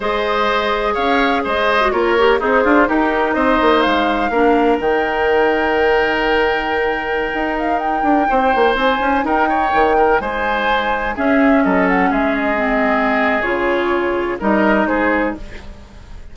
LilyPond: <<
  \new Staff \with { instrumentName = "flute" } { \time 4/4 \tempo 4 = 125 dis''2 f''4 dis''4 | cis''4 c''4 ais'4 dis''4 | f''2 g''2~ | g''2.~ g''8. f''16~ |
f''16 g''2 gis''4 g''8.~ | g''4~ g''16 gis''2 e''8.~ | e''16 dis''8 fis''8 e''8 dis''2~ dis''16 | cis''2 dis''4 c''4 | }
  \new Staff \with { instrumentName = "oboe" } { \time 4/4 c''2 cis''4 c''4 | ais'4 dis'8 f'8 g'4 c''4~ | c''4 ais'2.~ | ais'1~ |
ais'4~ ais'16 c''2 ais'8 cis''16~ | cis''8. ais'8 c''2 gis'8.~ | gis'16 a'4 gis'2~ gis'8.~ | gis'2 ais'4 gis'4 | }
  \new Staff \with { instrumentName = "clarinet" } { \time 4/4 gis'2.~ gis'8. fis'16 | f'8 g'8 gis'4 dis'2~ | dis'4 d'4 dis'2~ | dis'1~ |
dis'1~ | dis'2.~ dis'16 cis'8.~ | cis'2~ cis'16 c'4.~ c'16 | f'2 dis'2 | }
  \new Staff \with { instrumentName = "bassoon" } { \time 4/4 gis2 cis'4 gis4 | ais4 c'8 d'8 dis'4 c'8 ais8 | gis4 ais4 dis2~ | dis2.~ dis16 dis'8.~ |
dis'8. d'8 c'8 ais8 c'8 cis'8 dis'8.~ | dis'16 dis4 gis2 cis'8.~ | cis'16 fis4 gis2~ gis8. | cis2 g4 gis4 | }
>>